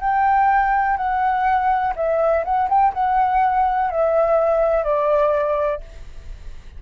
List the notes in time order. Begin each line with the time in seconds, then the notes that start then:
0.00 G5
0.97 F#5
1.96 E5
2.44 F#5
2.69 G5
2.93 F#5
3.90 E5
4.83 D5